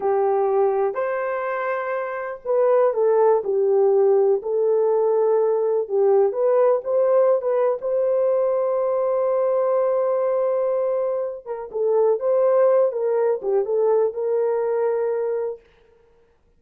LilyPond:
\new Staff \with { instrumentName = "horn" } { \time 4/4 \tempo 4 = 123 g'2 c''2~ | c''4 b'4 a'4 g'4~ | g'4 a'2. | g'4 b'4 c''4~ c''16 b'8. |
c''1~ | c''2.~ c''8 ais'8 | a'4 c''4. ais'4 g'8 | a'4 ais'2. | }